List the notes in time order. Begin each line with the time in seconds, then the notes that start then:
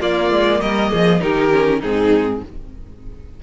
0.00 A#3 F4 D5
0.31 G#3
0.61 G3 A#4 D#5
0.91 F3 G#4
1.20 D#3 D#4 G4 A#4
1.51 C#4
1.80 G#2 C4 D#4 G#4